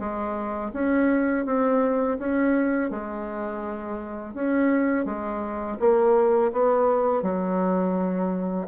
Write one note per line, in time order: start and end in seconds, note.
0.00 0.72 G#3
0.74 1.46 C#4
1.46 2.19 C4
2.19 2.91 C#4
2.91 4.34 G#3
4.34 5.06 C#4
5.06 5.78 G#3
5.80 6.52 A#3
6.53 7.23 B3
7.23 8.68 F#3